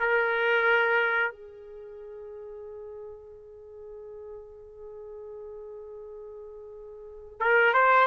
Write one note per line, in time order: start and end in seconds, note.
0.00 1.32 A#4
1.32 7.39 G#4
7.40 7.74 A#4
7.74 8.07 C5